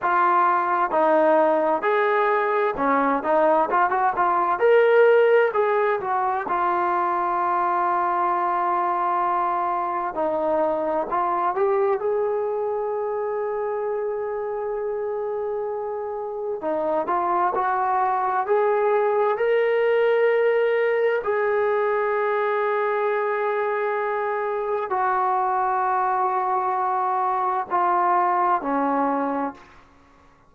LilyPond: \new Staff \with { instrumentName = "trombone" } { \time 4/4 \tempo 4 = 65 f'4 dis'4 gis'4 cis'8 dis'8 | f'16 fis'16 f'8 ais'4 gis'8 fis'8 f'4~ | f'2. dis'4 | f'8 g'8 gis'2.~ |
gis'2 dis'8 f'8 fis'4 | gis'4 ais'2 gis'4~ | gis'2. fis'4~ | fis'2 f'4 cis'4 | }